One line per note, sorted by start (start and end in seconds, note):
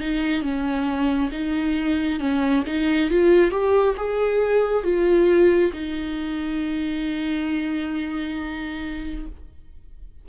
0.00 0.42 D#4
0.42 1.30 C#4
1.32 2.20 D#4
2.20 2.64 C#4
2.67 3.10 D#4
3.10 3.51 F4
3.51 3.95 G4
3.97 4.84 G#4
4.84 5.72 F4
5.73 9.26 D#4